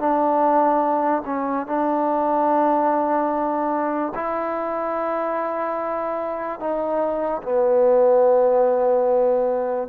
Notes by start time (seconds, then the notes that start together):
0.00 D4
1.26 C#4
1.67 D4
4.15 E4
6.60 D#4
7.43 B3